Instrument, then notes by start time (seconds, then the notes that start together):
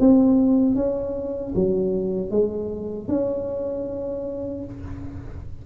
tuba
0.00 C4
0.76 C#4
1.55 F#3
2.31 G#3
3.09 C#4